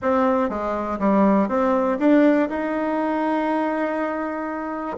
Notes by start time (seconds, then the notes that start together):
0.02 C4
0.49 G#3
0.99 G3
1.48 C4
1.99 D4
2.49 D#4